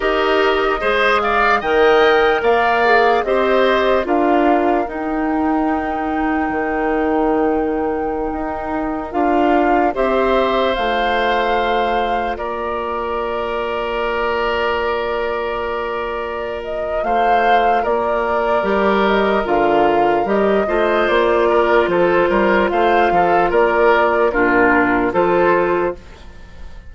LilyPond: <<
  \new Staff \with { instrumentName = "flute" } { \time 4/4 \tempo 4 = 74 dis''4. f''8 g''4 f''4 | dis''4 f''4 g''2~ | g''2.~ g''16 f''8.~ | f''16 e''4 f''2 d''8.~ |
d''1~ | d''8 dis''8 f''4 d''4. dis''8 | f''4 dis''4 d''4 c''4 | f''4 d''4 ais'4 c''4 | }
  \new Staff \with { instrumentName = "oboe" } { \time 4/4 ais'4 c''8 d''8 dis''4 d''4 | c''4 ais'2.~ | ais'1~ | ais'16 c''2. ais'8.~ |
ais'1~ | ais'4 c''4 ais'2~ | ais'4. c''4 ais'8 a'8 ais'8 | c''8 a'8 ais'4 f'4 a'4 | }
  \new Staff \with { instrumentName = "clarinet" } { \time 4/4 g'4 gis'4 ais'4. gis'8 | g'4 f'4 dis'2~ | dis'2.~ dis'16 f'8.~ | f'16 g'4 f'2~ f'8.~ |
f'1~ | f'2. g'4 | f'4 g'8 f'2~ f'8~ | f'2 d'4 f'4 | }
  \new Staff \with { instrumentName = "bassoon" } { \time 4/4 dis'4 gis4 dis4 ais4 | c'4 d'4 dis'2 | dis2~ dis16 dis'4 d'8.~ | d'16 c'4 a2 ais8.~ |
ais1~ | ais4 a4 ais4 g4 | d4 g8 a8 ais4 f8 g8 | a8 f8 ais4 ais,4 f4 | }
>>